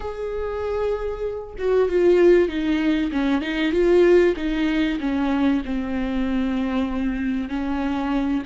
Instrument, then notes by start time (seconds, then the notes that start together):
viola
0.00 G#4
1.58 F#4
1.88 F4
2.48 D#4
3.11 C#4
3.41 D#4
3.72 F4
4.36 D#4
4.99 C#4
5.65 C4
7.49 C#4